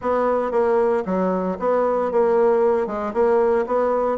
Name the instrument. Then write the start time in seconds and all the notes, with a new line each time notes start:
bassoon
0.01 B3
0.51 A#3
1.05 F#3
1.59 B3
2.11 A#3
2.86 G#3
3.13 A#3
3.66 B3